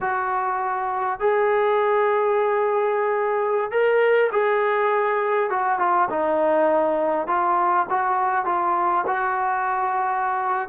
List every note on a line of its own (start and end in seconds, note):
0.00 1.19 F#4
1.19 3.71 G#4
3.71 4.30 A#4
4.32 5.50 G#4
5.50 5.79 F#4
5.79 6.08 F4
6.10 7.27 D#4
7.27 7.86 F4
7.89 8.45 F#4
8.45 9.04 F4
9.06 10.68 F#4